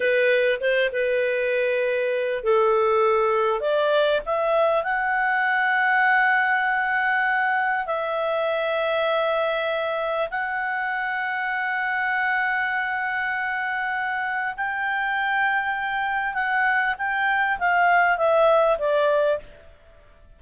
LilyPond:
\new Staff \with { instrumentName = "clarinet" } { \time 4/4 \tempo 4 = 99 b'4 c''8 b'2~ b'8 | a'2 d''4 e''4 | fis''1~ | fis''4 e''2.~ |
e''4 fis''2.~ | fis''1 | g''2. fis''4 | g''4 f''4 e''4 d''4 | }